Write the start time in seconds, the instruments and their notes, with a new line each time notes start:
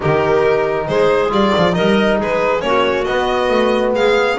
0.00 double bass D#3, trombone D#4, clarinet G4, violin A#4
0.86 double bass G#3, clarinet G#4, violin C5
1.29 double bass G3, trombone F4, violin D5
1.57 double bass F3
1.71 trombone D#4, clarinet A#4, violin D#5
1.77 double bass G3
2.18 double bass G#3, clarinet G#4, violin B4
2.61 double bass A#3, trombone C#4, clarinet F#4, violin C#5
3.04 trombone B3, double bass B3, violin D#5
3.49 double bass A3
3.93 double bass G#3, clarinet G#4, violin F5